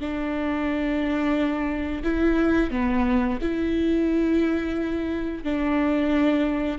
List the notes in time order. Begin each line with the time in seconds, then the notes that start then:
0.00 D4
2.03 E4
2.71 B3
3.41 E4
5.44 D4